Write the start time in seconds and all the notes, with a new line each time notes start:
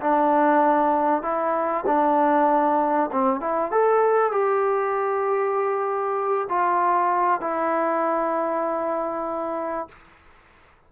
0.00 D4
1.22 E4
1.86 D4
3.12 C4
3.40 E4
3.71 A4
4.31 G4
6.49 F4
7.40 E4